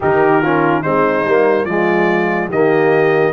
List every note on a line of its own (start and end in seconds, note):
0.00 0.84 D#3
0.00 0.43 D#4
0.00 0.41 G4
0.00 0.82 A#4
0.42 0.84 C#4
0.42 0.80 F4
0.80 1.25 G#3
0.80 1.25 C4
0.80 1.64 D#4
0.80 1.65 C5
1.25 1.65 G3
1.25 1.68 A#3
1.65 2.48 F3
1.65 2.51 G#3
1.65 2.49 F4
1.65 2.48 D5
2.49 3.32 D#3
2.49 3.33 A#3
2.49 3.32 G4
2.49 3.33 D#5